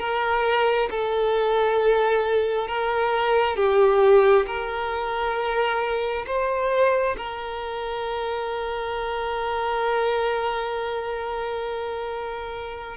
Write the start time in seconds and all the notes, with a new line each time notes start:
0.00 A#4
0.91 A4
2.68 A#4
3.57 G4
4.47 A#4
6.27 C5
7.17 A#4